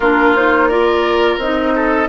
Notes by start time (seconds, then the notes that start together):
0.00 A#3 D4 F4 A#4
0.35 D#4 C5
0.68 F4 A#4 D5
1.37 C4 D#4 D#5
1.75 A4